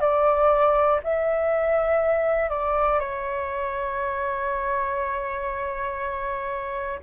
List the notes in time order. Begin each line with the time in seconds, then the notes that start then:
0.00 D5
1.03 E5
2.50 D5
3.00 C#5